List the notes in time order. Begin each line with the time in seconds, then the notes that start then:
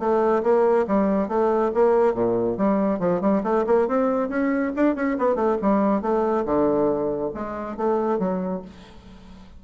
0.00 A3
0.43 A#3
0.88 G3
1.29 A3
1.75 A#3
2.15 A#2
2.58 G3
3.00 F3
3.22 G3
3.44 A3
3.67 A#3
3.88 C4
4.29 C#4
4.76 D4
4.96 C#4
5.19 B3
5.36 A3
5.62 G3
6.02 A3
6.46 D3
7.35 G#3
7.77 A3
8.19 F#3